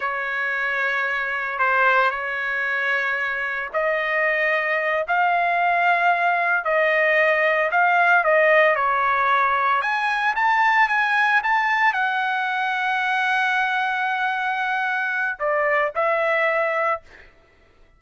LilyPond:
\new Staff \with { instrumentName = "trumpet" } { \time 4/4 \tempo 4 = 113 cis''2. c''4 | cis''2. dis''4~ | dis''4. f''2~ f''8~ | f''8 dis''2 f''4 dis''8~ |
dis''8 cis''2 gis''4 a''8~ | a''8 gis''4 a''4 fis''4.~ | fis''1~ | fis''4 d''4 e''2 | }